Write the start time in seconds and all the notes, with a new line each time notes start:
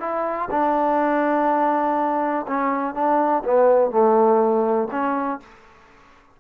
0.00 E4
0.51 D4
2.47 C#4
2.94 D4
3.45 B3
3.91 A3
4.91 C#4